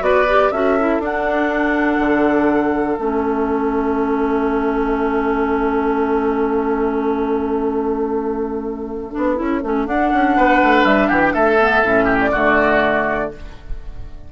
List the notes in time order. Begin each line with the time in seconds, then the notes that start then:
0.00 B3 F#4 B4 D5
0.28 G4
0.51 C#4 F#4 A4 E5
0.79 E4
0.99 D4 F#5
1.99 D3
2.96 A3 C#4 E5
9.12 B3 D4
9.36 C#4 E4
9.63 A3 C#4
9.86 D4 F#5
10.13 C#4
10.37 B3 B4
10.62 A3
10.84 G3 E5
11.08 E3 G4 F#5
11.21 G5
11.33 A3 A4 E5
11.59 B3
11.83 A2 C#4
12.04 G4
12.21 D5
12.32 D3 A3 F#4